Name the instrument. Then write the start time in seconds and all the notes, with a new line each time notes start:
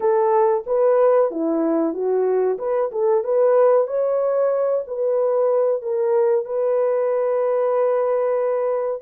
horn
0.00 A4
0.66 B4
1.30 E4
1.93 F#4
2.58 B4
2.91 A4
3.23 B4
3.87 C#5
4.87 B4
5.82 A#4
6.45 B4